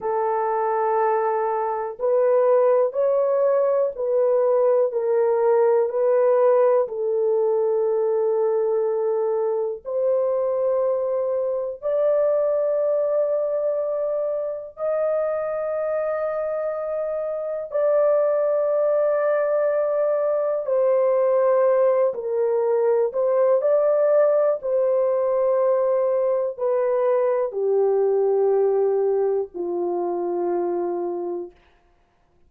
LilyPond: \new Staff \with { instrumentName = "horn" } { \time 4/4 \tempo 4 = 61 a'2 b'4 cis''4 | b'4 ais'4 b'4 a'4~ | a'2 c''2 | d''2. dis''4~ |
dis''2 d''2~ | d''4 c''4. ais'4 c''8 | d''4 c''2 b'4 | g'2 f'2 | }